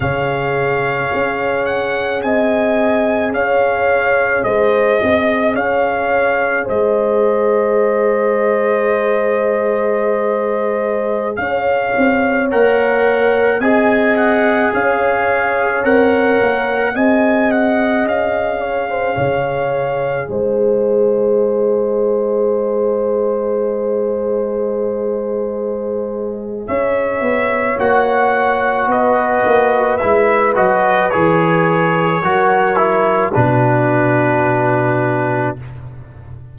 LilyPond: <<
  \new Staff \with { instrumentName = "trumpet" } { \time 4/4 \tempo 4 = 54 f''4. fis''8 gis''4 f''4 | dis''4 f''4 dis''2~ | dis''2~ dis''16 f''4 fis''8.~ | fis''16 gis''8 fis''8 f''4 fis''4 gis''8 fis''16~ |
fis''16 f''2 dis''4.~ dis''16~ | dis''1 | e''4 fis''4 dis''4 e''8 dis''8 | cis''2 b'2 | }
  \new Staff \with { instrumentName = "horn" } { \time 4/4 cis''2 dis''4 cis''4 | c''8 dis''8 cis''4 c''2~ | c''2~ c''16 cis''4.~ cis''16~ | cis''16 dis''4 cis''2 dis''8.~ |
dis''8. cis''16 c''16 cis''4 c''4.~ c''16~ | c''1 | cis''2 b'2~ | b'4 ais'4 fis'2 | }
  \new Staff \with { instrumentName = "trombone" } { \time 4/4 gis'1~ | gis'1~ | gis'2.~ gis'16 ais'8.~ | ais'16 gis'2 ais'4 gis'8.~ |
gis'1~ | gis'1~ | gis'4 fis'2 e'8 fis'8 | gis'4 fis'8 e'8 d'2 | }
  \new Staff \with { instrumentName = "tuba" } { \time 4/4 cis4 cis'4 c'4 cis'4 | gis8 c'8 cis'4 gis2~ | gis2~ gis16 cis'8 c'8 ais8.~ | ais16 c'4 cis'4 c'8 ais8 c'8.~ |
c'16 cis'4 cis4 gis4.~ gis16~ | gis1 | cis'8 b8 ais4 b8 ais8 gis8 fis8 | e4 fis4 b,2 | }
>>